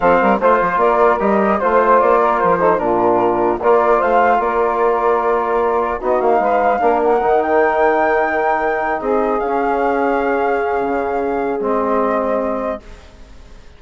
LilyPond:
<<
  \new Staff \with { instrumentName = "flute" } { \time 4/4 \tempo 4 = 150 f''4 c''4 d''4 dis''4 | c''4 d''4 c''4 ais'4~ | ais'4 d''4 f''4 d''4~ | d''2. dis''8 f''8~ |
f''4. fis''4 g''4.~ | g''2~ g''8 dis''4 f''8~ | f''1~ | f''4 dis''2. | }
  \new Staff \with { instrumentName = "saxophone" } { \time 4/4 a'8 ais'8 c''4 ais'2 | c''4. ais'4 a'8 f'4~ | f'4 ais'4 c''4 ais'4~ | ais'2. fis'4 |
b'4 ais'2.~ | ais'2~ ais'8 gis'4.~ | gis'1~ | gis'1 | }
  \new Staff \with { instrumentName = "trombone" } { \time 4/4 c'4 f'2 g'4 | f'2~ f'8 dis'8 d'4~ | d'4 f'2.~ | f'2. dis'4~ |
dis'4 d'4 dis'2~ | dis'2.~ dis'8 cis'8~ | cis'1~ | cis'4 c'2. | }
  \new Staff \with { instrumentName = "bassoon" } { \time 4/4 f8 g8 a8 f8 ais4 g4 | a4 ais4 f4 ais,4~ | ais,4 ais4 a4 ais4~ | ais2. b8 ais8 |
gis4 ais4 dis2~ | dis2~ dis8 c'4 cis'8~ | cis'2. cis4~ | cis4 gis2. | }
>>